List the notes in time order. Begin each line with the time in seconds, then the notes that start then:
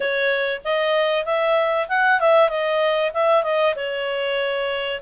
0.00 C#5
0.64 D#5
1.25 E5
1.88 F#5
2.20 E5
2.49 D#5
3.13 E5
3.43 D#5
3.75 C#5